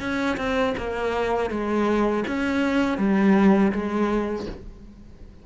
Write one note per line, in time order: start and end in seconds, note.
0.00 0.37 C#4
0.37 0.74 C4
0.78 1.51 A#3
1.51 2.25 G#3
2.28 2.98 C#4
2.98 3.72 G3
3.72 4.46 G#3